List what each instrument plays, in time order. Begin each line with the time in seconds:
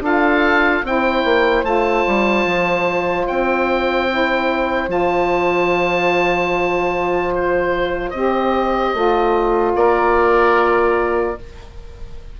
0.00 bassoon D4, saxophone F4, oboe A4 F5
0.83 bassoon C4, saxophone E4, oboe C5 G5
1.24 bassoon A#3
1.63 bassoon A3, saxophone F4, oboe A5
2.07 bassoon G3
2.45 bassoon F3
3.27 bassoon C4, oboe G5
4.09 saxophone E4
4.87 bassoon F3, saxophone F4, oboe A5
7.34 oboe C5
8.10 bassoon C4, saxophone G4, oboe D#5
8.94 bassoon A3, saxophone F4
9.75 bassoon A#3, oboe A#4 D5